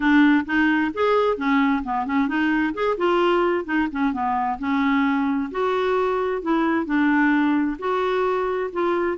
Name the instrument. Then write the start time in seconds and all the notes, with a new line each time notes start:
clarinet
0.00 D4
0.45 D#4
0.93 G#4
1.37 C#4
1.83 B3
2.06 C#4
2.28 D#4
2.74 G#4
2.97 F4
3.65 D#4
3.91 C#4
4.12 B3
4.58 C#4
5.51 F#4
6.42 E4
6.85 D4
7.79 F#4
8.72 F4